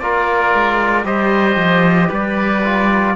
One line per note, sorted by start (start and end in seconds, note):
0.00 0.54 A#3
0.00 1.05 F4
0.00 1.07 A#4
0.00 1.05 D5
0.54 1.05 G#3
1.05 1.56 G3
1.05 2.63 G4
1.05 2.09 C5
1.05 2.11 D#5
1.56 2.09 F3
2.09 3.16 G3
2.09 3.14 B4
2.09 3.16 D5
2.64 3.16 F4